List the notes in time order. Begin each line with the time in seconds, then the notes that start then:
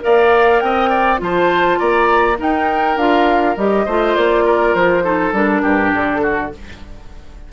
0.00 A#3 A#4 D5 F5
0.60 C4 D#5 G5
0.90 D5
1.18 F3 F4 C5 A5
1.79 A#3 D5 A#5
2.38 D#4 A#4 G5
2.97 D4 F4 F5
3.57 G3 G4 D#5
3.85 A3 F4 C5
4.15 A#3 D5
4.45 A#4
4.74 F3 C5
5.03 D#4 A4
5.32 G3 D4 A#4
5.62 G2 G4
5.93 D3 A4
6.22 F#4